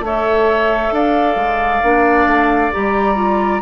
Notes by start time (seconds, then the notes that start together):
0.00 A3 A4 C#5 E5
0.92 D4 D5 F5
1.36 G#3
1.83 A#3 D4
2.26 A3
2.72 G3 G4 A#5
3.15 F4